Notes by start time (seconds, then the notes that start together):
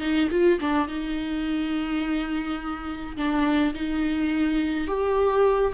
0.00 D#4
0.31 F4
0.60 D4
0.88 D#4
3.16 D4
3.74 D#4
4.87 G4